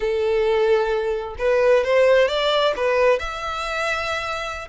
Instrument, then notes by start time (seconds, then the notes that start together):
violin
0.00 A4
1.38 B4
1.83 C5
2.28 D5
2.76 B4
3.19 E5